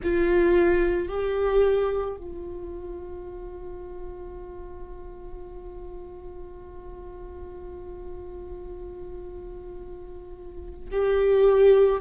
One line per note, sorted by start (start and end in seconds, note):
0.03 1.08 F4
1.08 2.16 G4
2.16 10.89 F4
10.91 12.00 G4